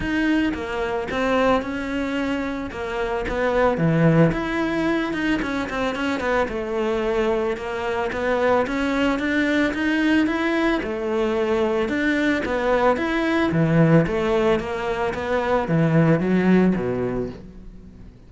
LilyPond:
\new Staff \with { instrumentName = "cello" } { \time 4/4 \tempo 4 = 111 dis'4 ais4 c'4 cis'4~ | cis'4 ais4 b4 e4 | e'4. dis'8 cis'8 c'8 cis'8 b8 | a2 ais4 b4 |
cis'4 d'4 dis'4 e'4 | a2 d'4 b4 | e'4 e4 a4 ais4 | b4 e4 fis4 b,4 | }